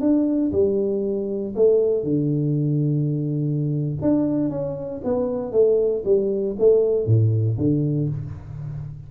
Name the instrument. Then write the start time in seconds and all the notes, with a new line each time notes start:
tuba
0.00 D4
0.52 G3
1.55 A3
2.03 D3
4.01 D4
4.50 C#4
5.03 B3
5.52 A3
6.04 G3
6.58 A3
7.06 A2
7.57 D3